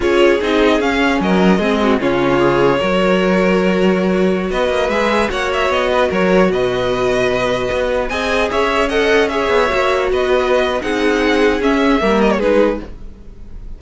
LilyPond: <<
  \new Staff \with { instrumentName = "violin" } { \time 4/4 \tempo 4 = 150 cis''4 dis''4 f''4 dis''4~ | dis''4 cis''2.~ | cis''2.~ cis''16 dis''8.~ | dis''16 e''4 fis''8 e''8 dis''4 cis''8.~ |
cis''16 dis''2.~ dis''8.~ | dis''16 gis''4 e''4 fis''4 e''8.~ | e''4~ e''16 dis''4.~ dis''16 fis''4~ | fis''4 e''4. dis''16 cis''16 b'4 | }
  \new Staff \with { instrumentName = "violin" } { \time 4/4 gis'2. ais'4 | gis'8 fis'8 f'2 ais'4~ | ais'2.~ ais'16 b'8.~ | b'4~ b'16 cis''4. b'8 ais'8.~ |
ais'16 b'2.~ b'8.~ | b'16 dis''4 cis''4 dis''4 cis''8.~ | cis''4~ cis''16 b'4.~ b'16 gis'4~ | gis'2 ais'4 gis'4 | }
  \new Staff \with { instrumentName = "viola" } { \time 4/4 f'4 dis'4 cis'2 | c'4 cis'4 gis'4 fis'4~ | fis'1~ | fis'16 gis'4 fis'2~ fis'8.~ |
fis'1~ | fis'16 gis'2 a'4 gis'8.~ | gis'16 fis'2~ fis'8. dis'4~ | dis'4 cis'4 ais4 dis'4 | }
  \new Staff \with { instrumentName = "cello" } { \time 4/4 cis'4 c'4 cis'4 fis4 | gis4 cis2 fis4~ | fis2.~ fis16 b8 ais16~ | ais16 gis4 ais4 b4 fis8.~ |
fis16 b,2. b8.~ | b16 c'4 cis'2~ cis'8 b16~ | b16 ais4 b4.~ b16 c'4~ | c'4 cis'4 g4 gis4 | }
>>